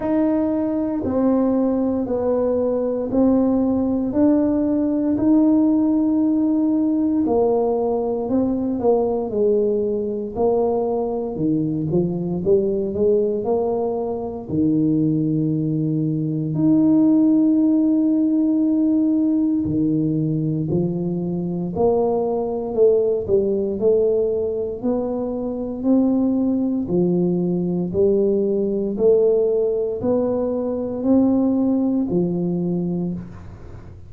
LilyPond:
\new Staff \with { instrumentName = "tuba" } { \time 4/4 \tempo 4 = 58 dis'4 c'4 b4 c'4 | d'4 dis'2 ais4 | c'8 ais8 gis4 ais4 dis8 f8 | g8 gis8 ais4 dis2 |
dis'2. dis4 | f4 ais4 a8 g8 a4 | b4 c'4 f4 g4 | a4 b4 c'4 f4 | }